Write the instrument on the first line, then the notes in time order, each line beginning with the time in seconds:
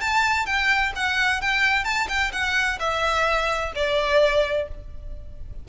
violin
0.00 A5
0.46 G5
0.95 F#5
1.41 G5
1.84 A5
2.08 G5
2.32 F#5
2.79 E5
3.75 D5